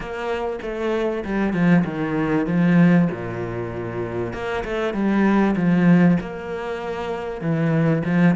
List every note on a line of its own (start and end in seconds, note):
0.00 0.59 A#3
0.62 1.24 A3
1.24 1.53 G3
1.53 1.84 F3
1.84 2.46 D#3
2.46 3.08 F3
3.11 4.33 A#2
4.33 4.64 A#3
4.64 4.93 A3
4.93 5.55 G3
5.56 6.17 F3
6.20 7.41 A#3
7.41 8.02 E3
8.04 8.35 F3